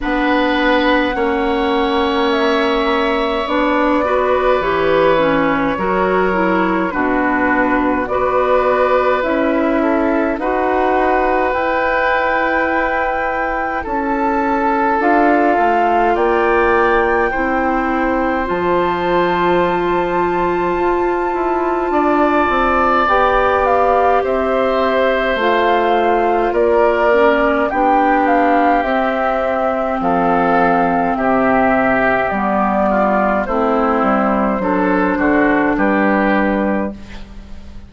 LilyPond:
<<
  \new Staff \with { instrumentName = "flute" } { \time 4/4 \tempo 4 = 52 fis''2 e''4 d''4 | cis''2 b'4 d''4 | e''4 fis''4 g''2 | a''4 f''4 g''2 |
a''1 | g''8 f''8 e''4 f''4 d''4 | g''8 f''8 e''4 f''4 e''4 | d''4 c''2 b'4 | }
  \new Staff \with { instrumentName = "oboe" } { \time 4/4 b'4 cis''2~ cis''8 b'8~ | b'4 ais'4 fis'4 b'4~ | b'8 a'8 b'2. | a'2 d''4 c''4~ |
c''2. d''4~ | d''4 c''2 ais'4 | g'2 a'4 g'4~ | g'8 f'8 e'4 a'8 fis'8 g'4 | }
  \new Staff \with { instrumentName = "clarinet" } { \time 4/4 d'4 cis'2 d'8 fis'8 | g'8 cis'8 fis'8 e'8 d'4 fis'4 | e'4 fis'4 e'2~ | e'4 f'2 e'4 |
f'1 | g'2 f'4. cis'8 | d'4 c'2. | b4 c'4 d'2 | }
  \new Staff \with { instrumentName = "bassoon" } { \time 4/4 b4 ais2 b4 | e4 fis4 b,4 b4 | cis'4 dis'4 e'2 | cis'4 d'8 a8 ais4 c'4 |
f2 f'8 e'8 d'8 c'8 | b4 c'4 a4 ais4 | b4 c'4 f4 c4 | g4 a8 g8 fis8 d8 g4 | }
>>